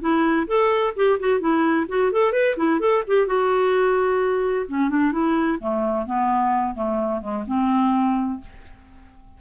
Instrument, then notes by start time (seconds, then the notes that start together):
clarinet
0.00 E4
0.47 A4
0.96 G4
1.19 F#4
1.40 E4
1.88 F#4
2.12 A4
2.32 B4
2.56 E4
2.79 A4
3.07 G4
3.26 F#4
4.68 C#4
4.89 D4
5.12 E4
5.60 A3
6.06 B3
6.74 A3
7.21 G#3
7.47 C4